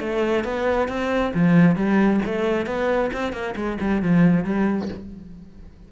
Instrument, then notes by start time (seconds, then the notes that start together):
cello
0.00 A3
0.44 B3
0.88 C4
1.34 F3
1.76 G3
2.25 A3
2.66 B3
3.13 C4
3.33 A#3
3.56 G#3
3.81 G3
4.02 F3
4.44 G3